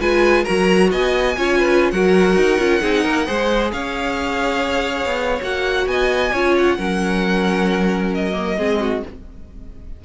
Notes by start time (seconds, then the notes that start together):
0.00 G#3 F4 B4 G#5
0.43 F#3 F#4 A#4 A#5
0.91 B3 D#5 G#5
1.37 C#4 F4 C#5
1.58 B4
1.91 F#3 F#4 A#4 F#5
2.36 D#4
2.58 C#4 F4
2.81 C4 D#4 G#4
3.03 A#3 A#4
3.26 G#3 G#4 C5
3.72 C#4 C#5 F5
5.06 B3
5.42 A#3 F#4 F#5
5.87 B3 D#5 G#5
6.33 C#4 F4 C#5
6.57 F#5
6.78 F#3 C#4 A#4
8.14 D#5
8.32 A#3
8.57 G#3 C4 G#4
8.81 F#4